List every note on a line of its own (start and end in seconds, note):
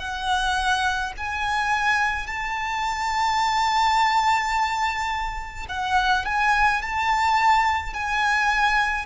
0.00 1.13 F#5
1.17 2.27 G#5
2.27 5.67 A5
5.69 6.26 F#5
6.26 6.82 G#5
6.82 7.94 A5
7.94 9.06 G#5